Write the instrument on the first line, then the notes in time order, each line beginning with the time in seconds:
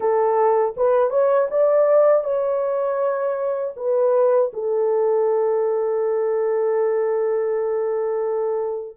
horn
0.00 A4
0.76 B4
1.10 C#5
1.50 D5
2.24 C#5
3.76 B4
4.53 A4